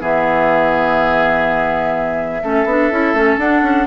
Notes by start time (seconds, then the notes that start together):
0.00 E3 B3 G#4 E5
2.43 A3 C#4 A4
2.65 B3 D4
2.91 C#4 E4
3.13 A3 C#4
3.38 D4 F#5
3.62 C#4